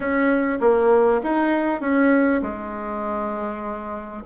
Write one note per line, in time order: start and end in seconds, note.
0.00 0.59 C#4
0.60 1.21 A#3
1.23 1.80 D#4
1.80 2.41 C#4
2.41 4.23 G#3